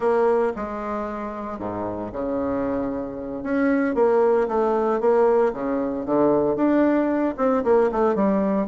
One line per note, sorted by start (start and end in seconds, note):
0.00 0.52 A#3
0.56 1.59 G#3
1.59 2.11 G#2
2.12 3.43 C#3
3.43 3.94 C#4
3.94 4.47 A#3
4.48 5.00 A3
5.00 5.53 A#3
5.53 6.05 C#3
6.05 6.56 D3
6.56 7.34 D4
7.37 7.63 C4
7.63 7.90 A#3
7.91 8.15 A3
8.15 8.67 G3